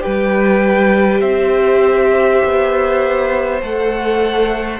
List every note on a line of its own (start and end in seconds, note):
0.00 1.22 G3
0.00 3.60 G4
0.00 1.21 B4
0.00 1.21 G5
1.21 2.42 C4
1.21 4.80 C5
1.21 3.61 E5
2.44 3.62 B3
3.61 4.80 A3
3.61 4.80 A4
3.61 4.80 F#5